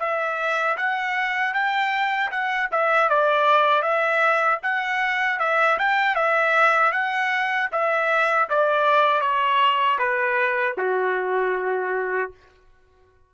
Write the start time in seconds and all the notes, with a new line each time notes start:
0.00 E5
0.78 F#5
1.54 G5
2.31 F#5
2.72 E5
3.10 D5
3.83 E5
4.63 F#5
5.40 E5
5.79 G5
6.16 E5
6.93 F#5
7.72 E5
8.50 D5
9.22 C#5
9.99 B4
10.78 F#4